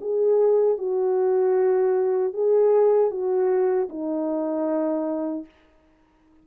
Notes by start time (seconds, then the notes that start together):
0.00 G#4
0.78 F#4
2.33 G#4
3.10 F#4
3.89 D#4